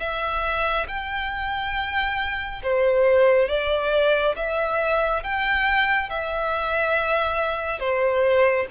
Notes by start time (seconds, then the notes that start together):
0.00 E5
0.89 G5
2.64 C5
3.49 D5
4.37 E5
5.24 G5
6.10 E5
7.80 C5